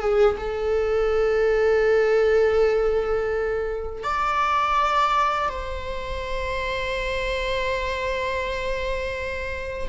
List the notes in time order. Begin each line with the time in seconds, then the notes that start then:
0.00 G#4
0.37 A4
4.03 D5
5.49 C5